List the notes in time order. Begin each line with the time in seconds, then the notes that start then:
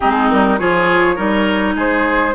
0.00 G#3 C4 D#4 G#4
0.29 G3 A#4
0.58 F3 F4 G#4 C#5
1.15 G3 D#4 A#4
1.75 G#3 G#4 C5